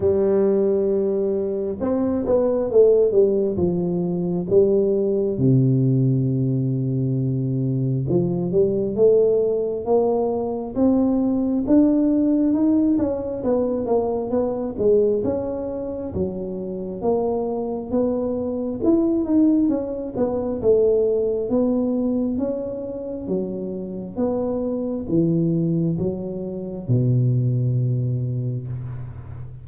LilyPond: \new Staff \with { instrumentName = "tuba" } { \time 4/4 \tempo 4 = 67 g2 c'8 b8 a8 g8 | f4 g4 c2~ | c4 f8 g8 a4 ais4 | c'4 d'4 dis'8 cis'8 b8 ais8 |
b8 gis8 cis'4 fis4 ais4 | b4 e'8 dis'8 cis'8 b8 a4 | b4 cis'4 fis4 b4 | e4 fis4 b,2 | }